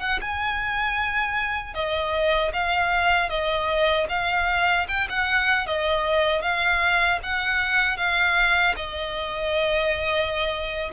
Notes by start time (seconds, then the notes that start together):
0.00 F#5
0.21 G#5
1.75 D#5
2.53 F5
3.30 D#5
4.09 F5
4.88 G5
5.10 F#5
5.67 D#5
6.42 F5
7.23 F#5
7.97 F5
8.77 D#5